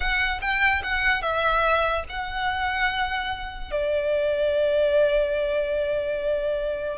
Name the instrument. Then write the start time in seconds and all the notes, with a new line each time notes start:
violin
0.00 F#5
0.41 G5
0.83 F#5
1.21 E5
2.09 F#5
3.71 D5